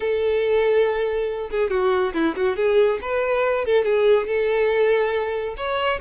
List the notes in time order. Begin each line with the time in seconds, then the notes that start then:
0.00 A4
1.50 G#4
1.70 F#4
2.13 E4
2.36 F#4
2.56 G#4
3.01 B4
3.65 A4
3.84 G#4
4.26 A4
5.56 C#5